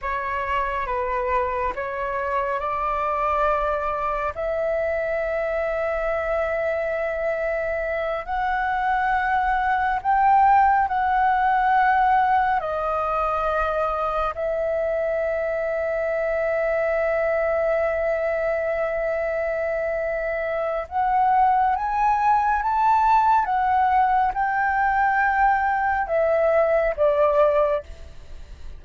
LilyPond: \new Staff \with { instrumentName = "flute" } { \time 4/4 \tempo 4 = 69 cis''4 b'4 cis''4 d''4~ | d''4 e''2.~ | e''4. fis''2 g''8~ | g''8 fis''2 dis''4.~ |
dis''8 e''2.~ e''8~ | e''1 | fis''4 gis''4 a''4 fis''4 | g''2 e''4 d''4 | }